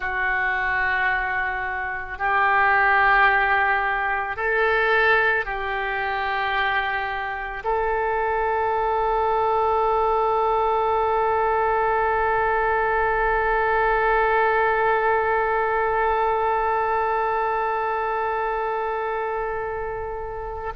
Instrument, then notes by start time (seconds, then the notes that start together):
oboe
0.00 F#4
2.18 G4
4.36 A4
5.45 G4
7.64 A4